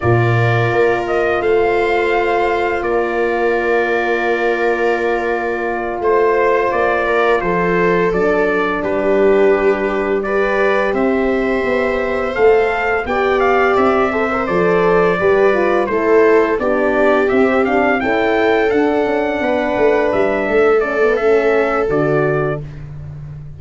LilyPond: <<
  \new Staff \with { instrumentName = "trumpet" } { \time 4/4 \tempo 4 = 85 d''4. dis''8 f''2 | d''1~ | d''8 c''4 d''4 c''4 d''8~ | d''8 b'2 d''4 e''8~ |
e''4. f''4 g''8 f''8 e''8~ | e''8 d''2 c''4 d''8~ | d''8 e''8 f''8 g''4 fis''4.~ | fis''8 e''4 d''8 e''4 d''4 | }
  \new Staff \with { instrumentName = "viola" } { \time 4/4 ais'2 c''2 | ais'1~ | ais'8 c''4. ais'8 a'4.~ | a'8 g'2 b'4 c''8~ |
c''2~ c''8 d''4. | c''4. b'4 a'4 g'8~ | g'4. a'2 b'8~ | b'4 a'2. | }
  \new Staff \with { instrumentName = "horn" } { \time 4/4 f'1~ | f'1~ | f'2.~ f'8 d'8~ | d'2~ d'8 g'4.~ |
g'4. a'4 g'4. | a'16 ais'16 a'4 g'8 f'8 e'4 d'8~ | d'8 c'8 d'8 e'4 d'4.~ | d'4. cis'16 b16 cis'4 fis'4 | }
  \new Staff \with { instrumentName = "tuba" } { \time 4/4 ais,4 ais4 a2 | ais1~ | ais8 a4 ais4 f4 fis8~ | fis8 g2. c'8~ |
c'8 b4 a4 b4 c'8~ | c'8 f4 g4 a4 b8~ | b8 c'4 cis'4 d'8 cis'8 b8 | a8 g8 a2 d4 | }
>>